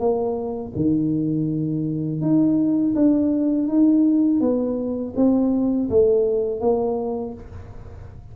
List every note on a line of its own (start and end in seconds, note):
0.00 0.73 A#3
0.76 2.22 D#3
2.22 2.95 D#4
2.96 3.69 D4
3.69 4.41 D#4
4.41 5.14 B3
5.17 5.90 C4
5.90 6.61 A3
6.61 7.34 A#3